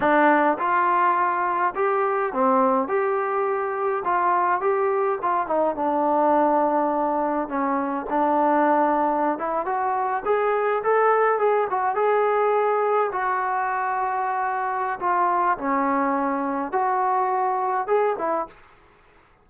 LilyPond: \new Staff \with { instrumentName = "trombone" } { \time 4/4 \tempo 4 = 104 d'4 f'2 g'4 | c'4 g'2 f'4 | g'4 f'8 dis'8 d'2~ | d'4 cis'4 d'2~ |
d'16 e'8 fis'4 gis'4 a'4 gis'16~ | gis'16 fis'8 gis'2 fis'4~ fis'16~ | fis'2 f'4 cis'4~ | cis'4 fis'2 gis'8 e'8 | }